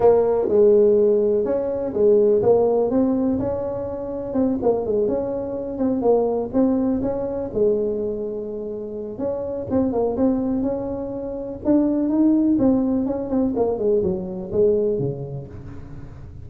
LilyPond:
\new Staff \with { instrumentName = "tuba" } { \time 4/4 \tempo 4 = 124 ais4 gis2 cis'4 | gis4 ais4 c'4 cis'4~ | cis'4 c'8 ais8 gis8 cis'4. | c'8 ais4 c'4 cis'4 gis8~ |
gis2. cis'4 | c'8 ais8 c'4 cis'2 | d'4 dis'4 c'4 cis'8 c'8 | ais8 gis8 fis4 gis4 cis4 | }